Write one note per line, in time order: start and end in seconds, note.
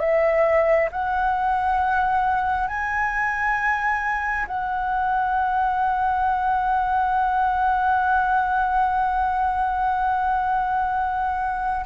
0.00 0.90 E5
0.92 2.68 F#5
2.68 4.47 G#5
4.48 11.87 F#5